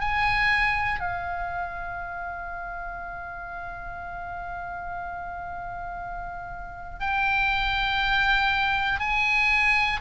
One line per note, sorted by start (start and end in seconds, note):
0.00 0.99 G#5
0.99 6.99 F5
6.99 8.99 G5
9.00 10.00 G#5